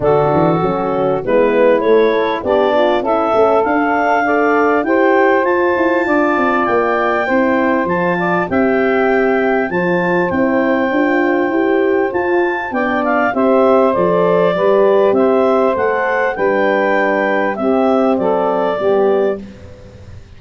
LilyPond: <<
  \new Staff \with { instrumentName = "clarinet" } { \time 4/4 \tempo 4 = 99 a'2 b'4 cis''4 | d''4 e''4 f''2 | g''4 a''2 g''4~ | g''4 a''4 g''2 |
a''4 g''2. | a''4 g''8 f''8 e''4 d''4~ | d''4 e''4 fis''4 g''4~ | g''4 e''4 d''2 | }
  \new Staff \with { instrumentName = "saxophone" } { \time 4/4 fis'2 e'2 | d'4 a'2 d''4 | c''2 d''2 | c''4. d''8 e''2 |
c''1~ | c''4 d''4 c''2 | b'4 c''2 b'4~ | b'4 g'4 a'4 g'4 | }
  \new Staff \with { instrumentName = "horn" } { \time 4/4 d'4 cis'4 b4 a8 a'8 | g'8 f'8 e'8 cis'8 d'4 a'4 | g'4 f'2. | e'4 f'4 g'2 |
f'4 e'4 f'4 g'4 | f'4 d'4 g'4 a'4 | g'2 a'4 d'4~ | d'4 c'2 b4 | }
  \new Staff \with { instrumentName = "tuba" } { \time 4/4 d8 e8 fis4 gis4 a4 | b4 cis'8 a8 d'2 | e'4 f'8 e'8 d'8 c'8 ais4 | c'4 f4 c'2 |
f4 c'4 d'4 e'4 | f'4 b4 c'4 f4 | g4 c'4 a4 g4~ | g4 c'4 fis4 g4 | }
>>